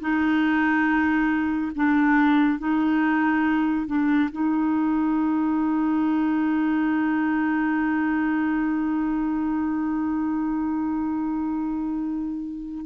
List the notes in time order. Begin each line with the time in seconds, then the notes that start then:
0.00 D#4
1.75 D4
2.58 D#4
3.86 D4
4.32 D#4